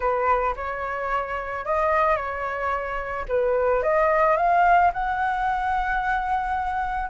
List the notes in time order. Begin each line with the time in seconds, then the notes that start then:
0.00 B4
0.56 C#5
1.65 D#5
2.16 C#5
3.28 B4
3.83 D#5
4.36 F5
4.93 F#5